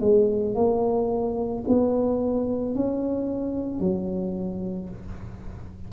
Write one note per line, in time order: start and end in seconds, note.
0.00 0.55 G#3
0.55 1.64 A#3
1.67 2.75 B3
2.75 3.80 C#4
3.80 4.89 F#3